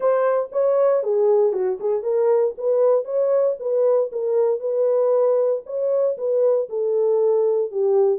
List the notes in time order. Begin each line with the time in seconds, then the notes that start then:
0.00 C5
0.52 C#5
1.03 G#4
1.52 F#4
1.79 G#4
2.03 A#4
2.57 B4
3.04 C#5
3.59 B4
4.12 A#4
4.60 B4
5.65 C#5
6.17 B4
6.69 A4
7.71 G4